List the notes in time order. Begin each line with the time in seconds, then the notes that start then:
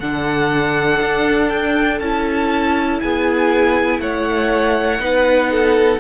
0.00 D3 D4 A4 F#5
1.01 D4
1.49 G5
2.00 C#4 E4 A5
3.01 B3 G#4 G#5
4.00 A3 C#5 F#5
4.99 B3 D#4 B4
5.52 A4